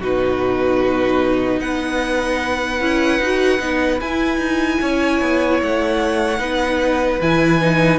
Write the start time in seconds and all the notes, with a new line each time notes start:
0.00 B2 D#4 F#4 B4
1.60 B3 B4 F#5
2.80 C#4 E4
3.19 D#4 F#4
3.59 B3 D#4
4.00 E4 G#5
4.38 D#4
4.81 C#4 C#5
5.21 B3
5.62 A3 F#5
6.39 B3 D#4 B4
7.21 E3 E4 G#5
7.62 D#4